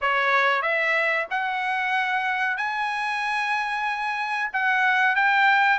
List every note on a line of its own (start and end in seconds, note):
0.01 0.62 C#5
0.62 1.26 E5
1.30 2.57 F#5
2.57 4.50 G#5
4.52 5.15 F#5
5.15 5.78 G5